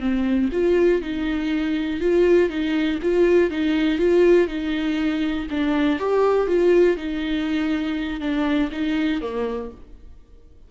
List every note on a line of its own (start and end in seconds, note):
0.00 0.50 C4
0.52 1.01 F4
1.01 2.00 D#4
2.00 2.50 F4
2.50 2.99 D#4
3.02 3.50 F4
3.50 3.98 D#4
3.98 4.48 F4
4.48 5.47 D#4
5.50 5.99 D4
5.99 6.47 G4
6.47 6.97 F4
6.97 8.20 D#4
8.20 8.70 D4
8.72 9.21 D#4
9.21 9.71 A#3